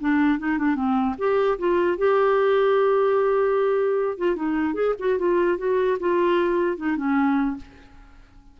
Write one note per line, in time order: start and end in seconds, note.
0.00 0.39 D4
0.39 0.58 D#4
0.58 0.75 D4
0.75 1.15 C4
1.18 1.58 G4
1.58 1.98 F4
1.98 4.17 G4
4.17 4.35 F4
4.35 4.74 D#4
4.74 4.94 G#4
4.99 5.18 F#4
5.18 5.58 F4
5.58 5.98 F#4
5.99 6.77 F4
6.77 6.96 D#4
6.96 7.56 C#4